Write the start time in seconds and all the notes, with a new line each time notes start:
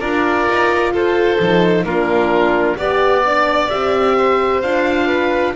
0.00 D4 F4 A#4 D5
0.49 D#4
0.91 F4 A4 C5
1.40 F3 D#4
1.84 A#3 D4 F4 A#4
2.77 B3 G4 D5
3.25 D4
3.69 C4 G4 E5
4.18 C5
4.61 D4 F4 F5
5.07 B4